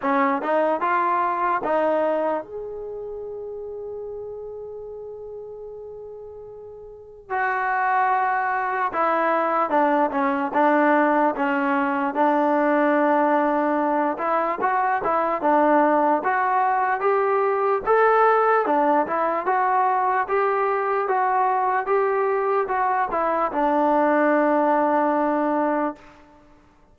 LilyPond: \new Staff \with { instrumentName = "trombone" } { \time 4/4 \tempo 4 = 74 cis'8 dis'8 f'4 dis'4 gis'4~ | gis'1~ | gis'4 fis'2 e'4 | d'8 cis'8 d'4 cis'4 d'4~ |
d'4. e'8 fis'8 e'8 d'4 | fis'4 g'4 a'4 d'8 e'8 | fis'4 g'4 fis'4 g'4 | fis'8 e'8 d'2. | }